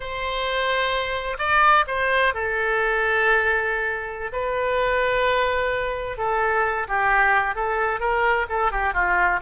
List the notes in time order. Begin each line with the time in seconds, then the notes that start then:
0.00 C5
1.38 D5
1.87 C5
2.33 A4
4.32 B4
6.17 A4
6.88 G4
7.55 A4
7.99 A#4
8.49 A4
8.71 G4
8.93 F4